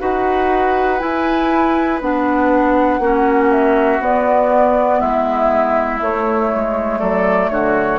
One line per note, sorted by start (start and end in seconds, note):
0.00 1.02 D#4
0.00 1.00 F#4
0.00 3.00 B4
0.00 1.00 F#5
1.00 2.00 E4
1.00 2.01 E4
1.00 2.00 G#5
2.01 3.00 B3
2.01 3.02 D4
2.01 3.52 F#5
3.00 4.00 A#3
3.00 4.01 C#4
3.00 5.00 F#4
3.52 4.02 E5
4.00 5.00 B3
4.00 6.01 B3
4.00 5.01 D5
5.00 6.01 G#3
5.00 7.00 E4
5.00 6.01 E5
6.01 6.51 A3
6.01 7.99 A3
6.01 7.00 C#5
6.55 7.01 G#3
7.00 7.51 F#3
7.00 7.50 A4
7.00 7.50 D5
7.50 7.99 D3
7.50 7.99 F#4
7.50 7.99 C#5